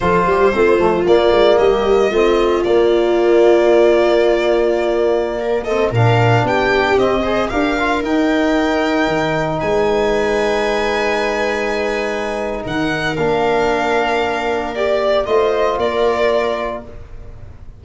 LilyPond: <<
  \new Staff \with { instrumentName = "violin" } { \time 4/4 \tempo 4 = 114 c''2 d''4 dis''4~ | dis''4 d''2.~ | d''2~ d''8. dis''8 f''8.~ | f''16 g''4 dis''4 f''4 g''8.~ |
g''2~ g''16 gis''4.~ gis''16~ | gis''1 | fis''4 f''2. | d''4 dis''4 d''2 | }
  \new Staff \with { instrumentName = "viola" } { \time 4/4 a'8 g'8 f'2 g'4 | f'1~ | f'2~ f'16 ais'8 a'8 ais'8.~ | ais'16 g'4. c''8 ais'4.~ ais'16~ |
ais'2~ ais'16 b'4.~ b'16~ | b'1 | ais'1~ | ais'4 c''4 ais'2 | }
  \new Staff \with { instrumentName = "trombone" } { \time 4/4 f'4 c'8 a8 ais2 | c'4 ais2.~ | ais2~ ais8. c'8 d'8.~ | d'4~ d'16 c'8 gis'8 g'8 f'8 dis'8.~ |
dis'1~ | dis'1~ | dis'4 d'2. | g'4 f'2. | }
  \new Staff \with { instrumentName = "tuba" } { \time 4/4 f8 g8 a8 f8 ais8 gis8 g4 | a4 ais2.~ | ais2.~ ais16 ais,8.~ | ais,16 b4 c'4 d'4 dis'8.~ |
dis'4~ dis'16 dis4 gis4.~ gis16~ | gis1 | dis4 ais2.~ | ais4 a4 ais2 | }
>>